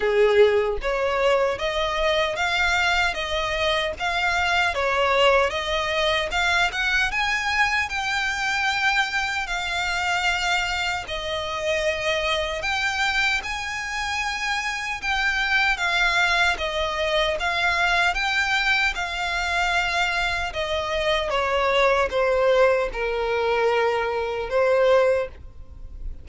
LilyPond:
\new Staff \with { instrumentName = "violin" } { \time 4/4 \tempo 4 = 76 gis'4 cis''4 dis''4 f''4 | dis''4 f''4 cis''4 dis''4 | f''8 fis''8 gis''4 g''2 | f''2 dis''2 |
g''4 gis''2 g''4 | f''4 dis''4 f''4 g''4 | f''2 dis''4 cis''4 | c''4 ais'2 c''4 | }